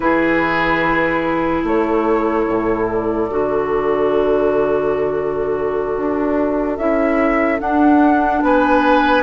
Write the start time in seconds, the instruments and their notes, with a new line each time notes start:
0.00 bassoon E3, clarinet E4, oboe G#4, flute B4
1.63 bassoon A3, oboe A4, flute C#5
2.47 bassoon A2
2.86 flute D5
3.30 bassoon D3, clarinet F#4
5.96 bassoon D4
6.77 bassoon C#4, clarinet E4, flute E5
7.59 clarinet D4, bassoon D4, flute F#5
8.42 bassoon B3, oboe B4, flute G#5